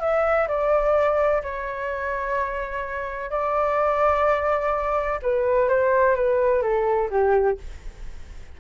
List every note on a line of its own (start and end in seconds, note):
0.00 0.47 E5
0.48 1.42 D5
1.43 3.30 C#5
3.30 5.19 D5
5.22 5.68 B4
5.68 6.15 C5
6.15 6.62 B4
6.62 7.10 A4
7.10 7.58 G4